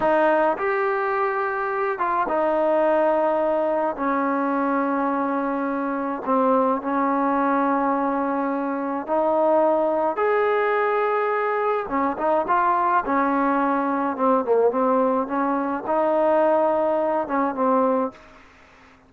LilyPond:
\new Staff \with { instrumentName = "trombone" } { \time 4/4 \tempo 4 = 106 dis'4 g'2~ g'8 f'8 | dis'2. cis'4~ | cis'2. c'4 | cis'1 |
dis'2 gis'2~ | gis'4 cis'8 dis'8 f'4 cis'4~ | cis'4 c'8 ais8 c'4 cis'4 | dis'2~ dis'8 cis'8 c'4 | }